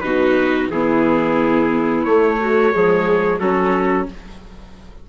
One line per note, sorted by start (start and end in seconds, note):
0.00 0.70 B2
0.00 0.71 D#4
0.00 0.71 F#4
0.00 0.67 B4
0.70 2.05 E3
0.70 2.07 B3
0.70 2.39 E4
0.70 2.04 G#4
2.04 2.72 A3
2.04 3.39 C#5
2.39 2.73 F#4
2.72 3.40 F3
2.72 3.40 G#3
2.72 3.38 G#4
3.38 4.08 F#3
3.38 4.09 C#4
3.38 4.06 F#4
3.38 4.07 A4